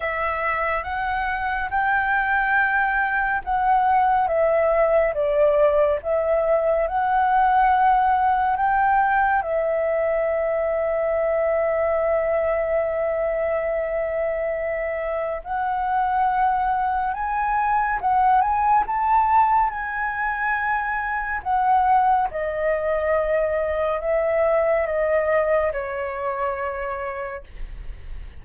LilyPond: \new Staff \with { instrumentName = "flute" } { \time 4/4 \tempo 4 = 70 e''4 fis''4 g''2 | fis''4 e''4 d''4 e''4 | fis''2 g''4 e''4~ | e''1~ |
e''2 fis''2 | gis''4 fis''8 gis''8 a''4 gis''4~ | gis''4 fis''4 dis''2 | e''4 dis''4 cis''2 | }